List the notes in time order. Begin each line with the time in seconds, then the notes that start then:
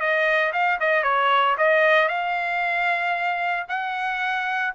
0.00 D#5
0.53 F5
0.80 D#5
1.03 C#5
1.58 D#5
2.08 F5
3.69 F#5